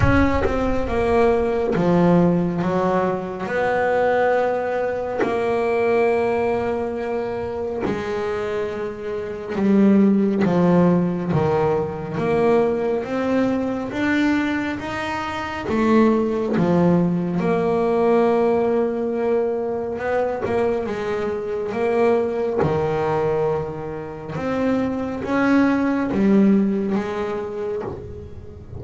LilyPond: \new Staff \with { instrumentName = "double bass" } { \time 4/4 \tempo 4 = 69 cis'8 c'8 ais4 f4 fis4 | b2 ais2~ | ais4 gis2 g4 | f4 dis4 ais4 c'4 |
d'4 dis'4 a4 f4 | ais2. b8 ais8 | gis4 ais4 dis2 | c'4 cis'4 g4 gis4 | }